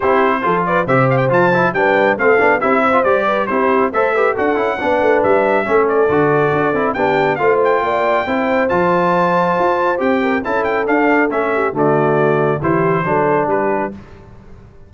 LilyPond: <<
  \new Staff \with { instrumentName = "trumpet" } { \time 4/4 \tempo 4 = 138 c''4. d''8 e''8 f''16 g''16 a''4 | g''4 f''4 e''4 d''4 | c''4 e''4 fis''2 | e''4. d''2~ d''8 |
g''4 f''8 g''2~ g''8 | a''2. g''4 | a''8 g''8 f''4 e''4 d''4~ | d''4 c''2 b'4 | }
  \new Staff \with { instrumentName = "horn" } { \time 4/4 g'4 a'8 b'8 c''2 | b'4 a'4 g'8 c''4 b'8 | g'4 c''8 b'8 a'4 b'4~ | b'4 a'2. |
g'4 c''4 d''4 c''4~ | c''2.~ c''8 ais'8 | a'2~ a'8 g'8 fis'4~ | fis'4 g'4 a'4 g'4 | }
  \new Staff \with { instrumentName = "trombone" } { \time 4/4 e'4 f'4 g'4 f'8 e'8 | d'4 c'8 d'8 e'8. f'16 g'4 | e'4 a'8 g'8 fis'8 e'8 d'4~ | d'4 cis'4 fis'4. e'8 |
d'4 f'2 e'4 | f'2. g'4 | e'4 d'4 cis'4 a4~ | a4 e'4 d'2 | }
  \new Staff \with { instrumentName = "tuba" } { \time 4/4 c'4 f4 c4 f4 | g4 a8 b8 c'4 g4 | c'4 a4 d'8 cis'8 b8 a8 | g4 a4 d4 d'8 c'8 |
b4 a4 ais4 c'4 | f2 f'4 c'4 | cis'4 d'4 a4 d4~ | d4 e4 fis4 g4 | }
>>